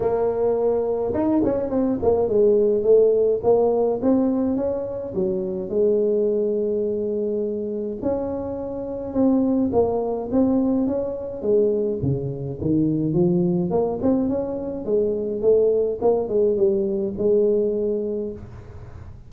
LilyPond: \new Staff \with { instrumentName = "tuba" } { \time 4/4 \tempo 4 = 105 ais2 dis'8 cis'8 c'8 ais8 | gis4 a4 ais4 c'4 | cis'4 fis4 gis2~ | gis2 cis'2 |
c'4 ais4 c'4 cis'4 | gis4 cis4 dis4 f4 | ais8 c'8 cis'4 gis4 a4 | ais8 gis8 g4 gis2 | }